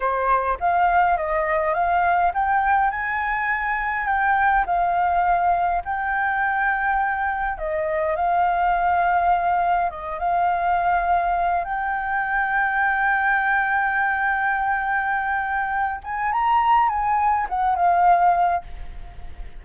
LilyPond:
\new Staff \with { instrumentName = "flute" } { \time 4/4 \tempo 4 = 103 c''4 f''4 dis''4 f''4 | g''4 gis''2 g''4 | f''2 g''2~ | g''4 dis''4 f''2~ |
f''4 dis''8 f''2~ f''8 | g''1~ | g''2.~ g''8 gis''8 | ais''4 gis''4 fis''8 f''4. | }